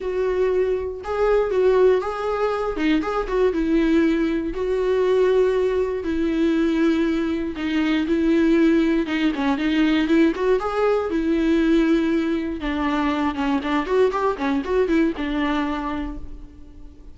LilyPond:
\new Staff \with { instrumentName = "viola" } { \time 4/4 \tempo 4 = 119 fis'2 gis'4 fis'4 | gis'4. dis'8 gis'8 fis'8 e'4~ | e'4 fis'2. | e'2. dis'4 |
e'2 dis'8 cis'8 dis'4 | e'8 fis'8 gis'4 e'2~ | e'4 d'4. cis'8 d'8 fis'8 | g'8 cis'8 fis'8 e'8 d'2 | }